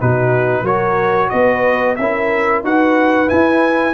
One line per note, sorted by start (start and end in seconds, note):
0.00 0.62 B2
0.00 0.65 D#4
0.00 0.62 F#4
0.00 0.66 B4
0.62 1.28 F#3
0.62 1.96 F#4
0.62 1.28 A#4
0.62 1.29 C#5
1.29 1.98 B3
1.29 1.97 B4
1.29 1.95 D#5
1.96 2.63 C#4
1.96 2.64 E4
1.96 2.65 A#4
1.96 2.62 E5
2.63 3.29 D#4
2.63 3.26 F#4
2.63 3.94 B4
2.63 3.29 F#5
3.26 3.92 E4
3.26 3.94 E4
3.26 3.94 G#5